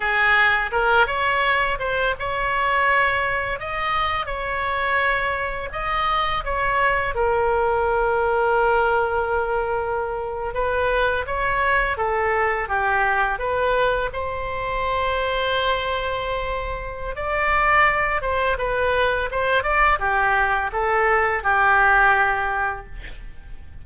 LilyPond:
\new Staff \with { instrumentName = "oboe" } { \time 4/4 \tempo 4 = 84 gis'4 ais'8 cis''4 c''8 cis''4~ | cis''4 dis''4 cis''2 | dis''4 cis''4 ais'2~ | ais'2~ ais'8. b'4 cis''16~ |
cis''8. a'4 g'4 b'4 c''16~ | c''1 | d''4. c''8 b'4 c''8 d''8 | g'4 a'4 g'2 | }